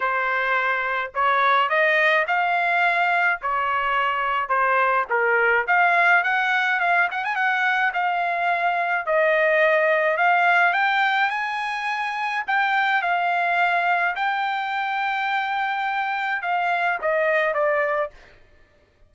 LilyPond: \new Staff \with { instrumentName = "trumpet" } { \time 4/4 \tempo 4 = 106 c''2 cis''4 dis''4 | f''2 cis''2 | c''4 ais'4 f''4 fis''4 | f''8 fis''16 gis''16 fis''4 f''2 |
dis''2 f''4 g''4 | gis''2 g''4 f''4~ | f''4 g''2.~ | g''4 f''4 dis''4 d''4 | }